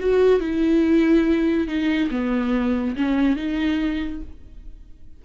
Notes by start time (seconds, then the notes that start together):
0.00 F#4
0.40 E4
1.68 D#4
2.11 B3
2.97 C#4
3.37 D#4